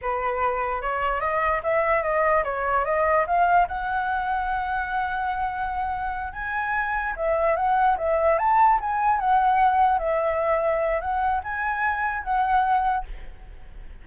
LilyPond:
\new Staff \with { instrumentName = "flute" } { \time 4/4 \tempo 4 = 147 b'2 cis''4 dis''4 | e''4 dis''4 cis''4 dis''4 | f''4 fis''2.~ | fis''2.~ fis''8 gis''8~ |
gis''4. e''4 fis''4 e''8~ | e''8 a''4 gis''4 fis''4.~ | fis''8 e''2~ e''8 fis''4 | gis''2 fis''2 | }